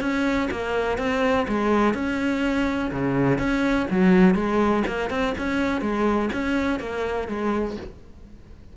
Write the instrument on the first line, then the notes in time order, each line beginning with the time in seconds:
cello
0.00 C#4
0.50 A#3
0.98 C4
1.48 G#3
1.94 C#4
2.91 C#3
3.38 C#4
3.90 F#3
4.35 G#3
4.87 A#3
5.10 C4
5.38 C#4
5.81 G#3
6.32 C#4
6.79 A#3
7.28 G#3